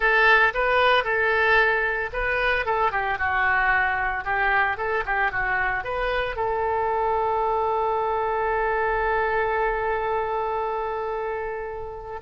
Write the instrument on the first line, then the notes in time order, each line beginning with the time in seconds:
oboe
0.00 A4
0.53 B4
1.04 A4
2.12 B4
2.65 A4
2.91 G4
3.18 F#4
4.24 G4
4.77 A4
5.05 G4
5.31 F#4
5.84 B4
6.36 A4